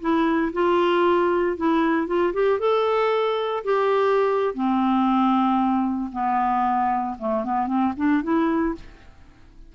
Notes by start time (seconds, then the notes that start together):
0.00 E4
0.53 F4
1.57 E4
2.07 F4
2.33 G4
2.59 A4
3.64 G4
4.54 C4
6.12 B3
7.19 A3
7.44 B3
7.67 C4
7.97 D4
8.23 E4